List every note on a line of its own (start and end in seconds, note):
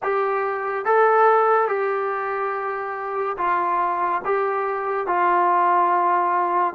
0.02 0.85 G4
0.85 1.67 A4
1.67 3.36 G4
3.36 4.21 F4
4.24 5.06 G4
5.06 6.74 F4